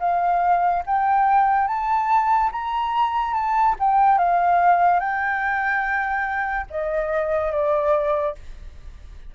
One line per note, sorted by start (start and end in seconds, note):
0.00 0.83 F5
0.86 1.68 G5
1.68 2.51 A5
2.52 3.34 A#5
3.34 3.76 A5
3.80 4.19 G5
4.19 5.00 F5
5.00 6.67 G5
6.70 7.52 D#5
7.52 8.36 D5